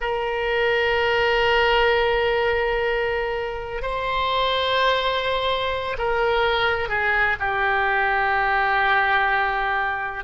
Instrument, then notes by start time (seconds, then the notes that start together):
oboe
0.00 A#4
3.82 C5
5.97 A#4
6.88 G#4
7.39 G4